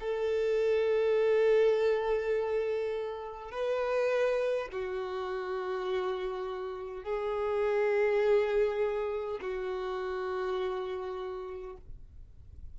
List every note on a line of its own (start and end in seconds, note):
0.00 3.51 A4
3.51 4.69 B4
4.72 7.04 F#4
7.04 9.39 G#4
9.41 11.76 F#4